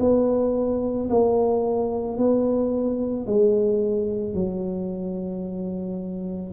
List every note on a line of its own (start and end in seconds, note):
0.00 1.09 B3
1.10 2.18 A#3
2.18 3.26 B3
3.26 4.34 G#3
4.34 6.52 F#3